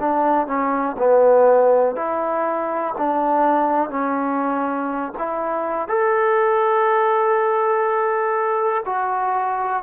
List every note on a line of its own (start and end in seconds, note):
0.00 0.47 D4
0.47 0.97 C#4
0.98 1.96 B3
1.96 2.95 E4
2.98 3.90 D4
3.90 5.13 C#4
5.19 5.88 E4
5.88 8.83 A4
8.86 9.84 F#4